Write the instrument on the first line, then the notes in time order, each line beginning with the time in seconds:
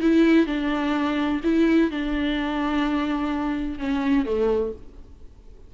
viola
0.00 E4
0.46 D4
1.43 E4
1.90 D4
3.78 C#4
4.25 A3